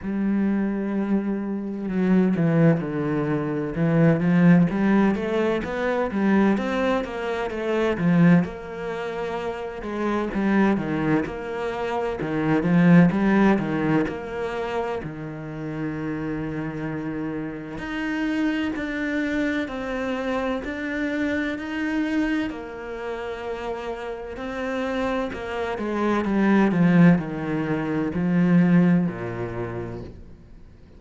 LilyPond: \new Staff \with { instrumentName = "cello" } { \time 4/4 \tempo 4 = 64 g2 fis8 e8 d4 | e8 f8 g8 a8 b8 g8 c'8 ais8 | a8 f8 ais4. gis8 g8 dis8 | ais4 dis8 f8 g8 dis8 ais4 |
dis2. dis'4 | d'4 c'4 d'4 dis'4 | ais2 c'4 ais8 gis8 | g8 f8 dis4 f4 ais,4 | }